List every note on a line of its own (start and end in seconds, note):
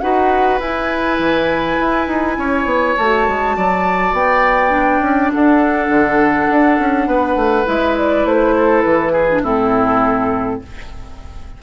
0.00 0.59 D#4
0.00 0.60 F#4
0.00 2.38 B4
0.00 0.59 F#5
0.59 1.18 E4
0.59 2.98 E4
0.59 2.96 G#5
1.19 1.78 E3
1.79 2.07 E4
2.07 2.36 D#4
2.37 2.65 C#4
2.37 3.56 C#5
2.65 2.94 B3
2.96 3.27 A3
2.96 4.70 F#4
2.96 4.14 A5
3.27 3.56 G#3
3.56 4.12 F#3
3.56 5.33 D5
4.12 5.00 B3
4.12 5.32 G5
4.70 7.64 D4
5.00 5.30 C#4
5.33 5.88 D4
5.33 7.08 A4
5.33 7.67 F#5
5.88 6.47 D3
6.50 6.79 D4
6.79 7.07 C#4
7.07 7.35 B3
7.07 8.55 B4
7.35 7.65 A3
7.65 8.25 G#3
7.65 9.27 E4
7.65 7.97 E5
7.97 8.26 D5
8.25 8.84 A3
8.25 8.82 C5
8.56 9.12 A4
8.82 9.43 E3
8.82 9.41 B4
9.12 9.42 G#4
9.30 9.44 D4
9.43 10.61 A2
9.43 10.62 C4
9.43 10.60 E4
9.43 10.62 A4